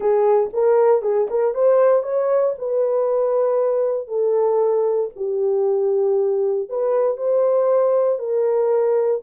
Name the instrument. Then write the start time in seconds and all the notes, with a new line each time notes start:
horn
0.00 G#4
0.53 A#4
1.02 G#4
1.30 A#4
1.54 C5
2.03 C#5
2.58 B4
4.07 A4
5.15 G4
6.69 B4
7.17 C5
8.18 A#4